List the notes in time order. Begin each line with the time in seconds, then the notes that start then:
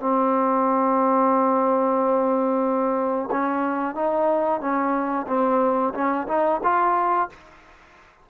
0.00 C4
3.31 C#4
3.95 D#4
4.61 C#4
5.28 C4
5.94 C#4
6.28 D#4
6.64 F4